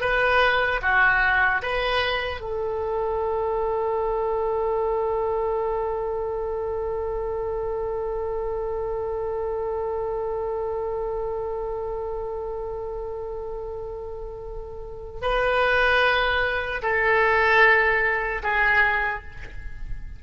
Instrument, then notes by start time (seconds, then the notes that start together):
oboe
0.00 B4
0.81 F#4
1.62 B4
2.40 A4
15.21 B4
16.82 A4
18.43 G#4